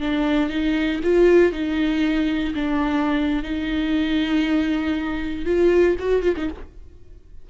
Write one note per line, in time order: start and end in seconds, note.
0.00 0.50 D4
0.50 1.01 D#4
1.03 1.52 F4
1.52 2.54 D#4
2.55 3.43 D4
3.43 5.45 D#4
5.45 5.96 F4
6.00 6.22 F#4
6.22 6.35 F4
6.37 6.49 D#4